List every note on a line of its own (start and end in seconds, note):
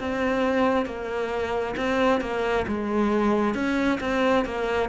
0.00 0.86 C4
0.86 1.75 A#3
1.77 2.21 C4
2.21 2.66 A#3
2.67 3.55 G#3
3.55 4.00 C#4
4.01 4.45 C4
4.45 4.89 A#3